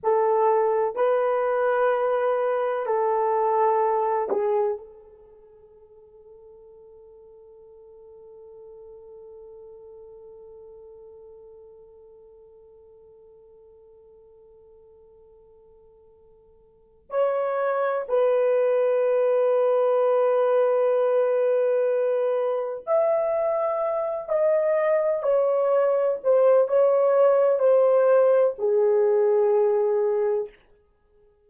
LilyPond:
\new Staff \with { instrumentName = "horn" } { \time 4/4 \tempo 4 = 63 a'4 b'2 a'4~ | a'8 gis'8 a'2.~ | a'1~ | a'1~ |
a'2 cis''4 b'4~ | b'1 | e''4. dis''4 cis''4 c''8 | cis''4 c''4 gis'2 | }